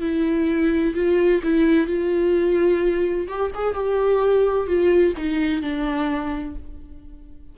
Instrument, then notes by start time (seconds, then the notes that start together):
viola
0.00 E4
0.94 F4
1.43 E4
1.86 F4
3.27 G4
3.54 G#4
3.74 G4
4.67 F4
5.16 D#4
5.61 D4